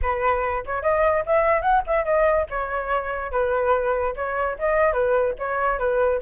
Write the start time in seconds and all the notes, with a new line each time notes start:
0.02 B4
0.65 C#5
0.82 D#5
1.26 E5
1.61 F#5
1.86 E5
2.04 D#5
2.50 C#5
3.31 B4
4.15 C#5
4.58 D#5
4.92 B4
5.38 C#5
5.78 B4